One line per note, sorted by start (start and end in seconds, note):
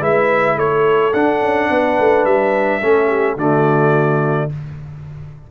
0.00 0.56 G#3
0.00 1.12 E4
0.00 0.56 B4
0.00 0.58 E5
0.56 1.12 A3
0.56 1.71 A4
0.56 1.13 C#5
1.13 1.41 D4
1.13 2.81 D4
1.13 2.25 F#5
1.41 1.69 C#4
1.70 1.98 B3
1.70 2.81 B4
1.99 2.25 A3
2.25 2.81 G3
2.25 3.37 E5
2.81 3.36 A3
2.81 3.37 C#4
2.81 3.07 A4
3.07 3.35 G4
3.36 4.49 D3
3.36 4.50 A3
3.36 4.50 F#4
3.36 4.51 D5